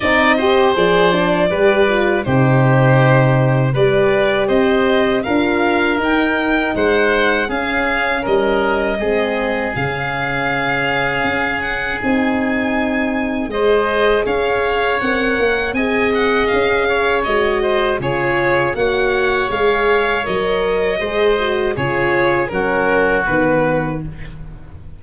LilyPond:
<<
  \new Staff \with { instrumentName = "violin" } { \time 4/4 \tempo 4 = 80 dis''4 d''2 c''4~ | c''4 d''4 dis''4 f''4 | g''4 fis''4 f''4 dis''4~ | dis''4 f''2~ f''8 fis''8 |
gis''2 dis''4 f''4 | fis''4 gis''8 fis''8 f''4 dis''4 | cis''4 fis''4 f''4 dis''4~ | dis''4 cis''4 ais'4 b'4 | }
  \new Staff \with { instrumentName = "oboe" } { \time 4/4 d''8 c''4. b'4 g'4~ | g'4 b'4 c''4 ais'4~ | ais'4 c''4 gis'4 ais'4 | gis'1~ |
gis'2 c''4 cis''4~ | cis''4 dis''4. cis''4 c''8 | gis'4 cis''2. | c''4 gis'4 fis'2 | }
  \new Staff \with { instrumentName = "horn" } { \time 4/4 dis'8 g'8 gis'8 d'8 g'8 f'8 dis'4~ | dis'4 g'2 f'4 | dis'2 cis'2 | c'4 cis'2. |
dis'2 gis'2 | ais'4 gis'2 fis'4 | f'4 fis'4 gis'4 ais'4 | gis'8 fis'8 f'4 cis'4 b4 | }
  \new Staff \with { instrumentName = "tuba" } { \time 4/4 c'4 f4 g4 c4~ | c4 g4 c'4 d'4 | dis'4 gis4 cis'4 g4 | gis4 cis2 cis'4 |
c'2 gis4 cis'4 | c'8 ais8 c'4 cis'4 gis4 | cis4 ais4 gis4 fis4 | gis4 cis4 fis4 dis4 | }
>>